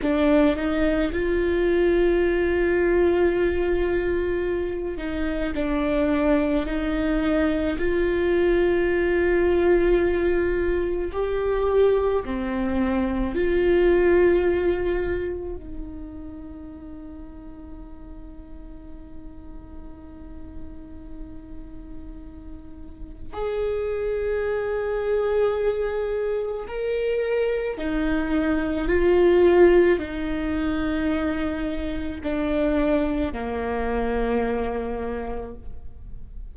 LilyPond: \new Staff \with { instrumentName = "viola" } { \time 4/4 \tempo 4 = 54 d'8 dis'8 f'2.~ | f'8 dis'8 d'4 dis'4 f'4~ | f'2 g'4 c'4 | f'2 dis'2~ |
dis'1~ | dis'4 gis'2. | ais'4 dis'4 f'4 dis'4~ | dis'4 d'4 ais2 | }